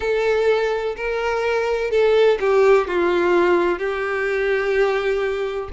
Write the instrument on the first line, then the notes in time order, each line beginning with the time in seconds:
violin
0.00 A4
0.96 A#4
1.90 A4
2.39 G4
2.87 F4
3.78 G4